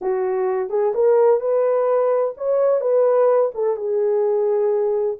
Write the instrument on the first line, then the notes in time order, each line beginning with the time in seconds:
horn
0.01 F#4
0.69 G#4
0.94 A#4
1.40 B4
2.37 C#5
2.81 B4
3.54 A4
3.76 G#4